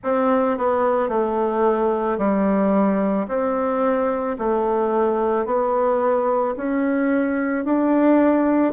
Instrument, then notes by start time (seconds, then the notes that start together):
bassoon
0.03 C4
0.57 B3
1.09 A3
2.18 G3
3.27 C4
4.38 A3
5.45 B3
6.57 C#4
7.65 D4